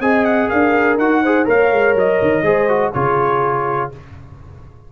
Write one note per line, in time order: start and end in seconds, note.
0.00 0.49 C4
0.00 0.99 G#4
0.00 0.49 D#5
0.00 0.24 G#5
0.24 0.49 F#5
0.49 0.98 D4
0.49 1.22 A#4
0.49 0.98 F5
0.98 1.46 D#4
0.98 1.24 F#4
0.98 1.47 F#5
1.22 1.45 G#4
1.22 1.46 C5
1.45 1.71 A#3
1.45 2.43 A#4
1.45 2.44 C#5
1.45 1.97 F5
1.71 1.95 G#3
1.95 2.19 F#3
1.95 2.93 D#5
2.21 2.42 D#3
2.42 2.91 G#3
2.42 2.68 G#4
2.42 2.93 C5
2.68 2.93 F#4
2.93 3.92 C#3
2.93 3.92 F4
2.93 3.91 G#4
2.93 3.91 C#5